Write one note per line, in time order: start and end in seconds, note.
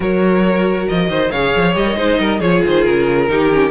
0.00 0.87 F#3
0.00 1.30 F#4
0.00 1.09 A#4
0.00 0.88 C#5
0.88 1.08 F3
0.88 1.31 D#5
1.08 1.30 D#3
1.08 1.31 C5
1.31 1.54 C#3
1.31 1.74 G#4
1.31 1.97 C#5
1.31 1.74 F5
1.56 1.75 F3
1.74 1.96 G3
1.74 1.85 G4
1.74 2.40 D#5
1.85 1.95 A#4
1.95 2.18 G#3
1.95 2.39 D#4
1.95 2.19 C5
2.18 2.40 G3
2.18 2.40 A#4
2.40 2.61 F3
2.40 3.28 F4
2.40 3.27 G#4
2.40 2.62 C#5
2.66 2.87 D#3
2.66 2.84 C5
2.84 3.28 C#3
2.84 3.70 A#4
3.28 3.70 D#3
3.28 3.50 D#4
3.28 3.70 G4
3.52 3.70 C#4